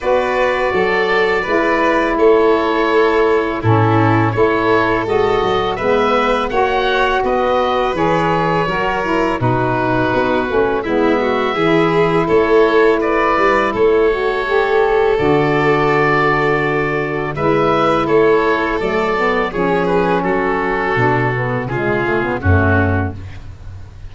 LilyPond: <<
  \new Staff \with { instrumentName = "oboe" } { \time 4/4 \tempo 4 = 83 d''2. cis''4~ | cis''4 a'4 cis''4 dis''4 | e''4 fis''4 dis''4 cis''4~ | cis''4 b'2 e''4~ |
e''4 cis''4 d''4 cis''4~ | cis''4 d''2. | e''4 cis''4 d''4 cis''8 b'8 | a'2 gis'4 fis'4 | }
  \new Staff \with { instrumentName = "violin" } { \time 4/4 b'4 a'4 b'4 a'4~ | a'4 e'4 a'2 | b'4 cis''4 b'2 | ais'4 fis'2 e'8 fis'8 |
gis'4 a'4 b'4 a'4~ | a'1 | b'4 a'2 gis'4 | fis'2 f'4 cis'4 | }
  \new Staff \with { instrumentName = "saxophone" } { \time 4/4 fis'2 e'2~ | e'4 cis'4 e'4 fis'4 | b4 fis'2 gis'4 | fis'8 e'8 dis'4. cis'8 b4 |
e'2.~ e'8 fis'8 | g'4 fis'2. | e'2 a8 b8 cis'4~ | cis'4 d'8 b8 gis8 a16 b16 a4 | }
  \new Staff \with { instrumentName = "tuba" } { \time 4/4 b4 fis4 gis4 a4~ | a4 a,4 a4 gis8 fis8 | gis4 ais4 b4 e4 | fis4 b,4 b8 a8 gis4 |
e4 a4. g8 a4~ | a4 d2. | gis4 a4 fis4 f4 | fis4 b,4 cis4 fis,4 | }
>>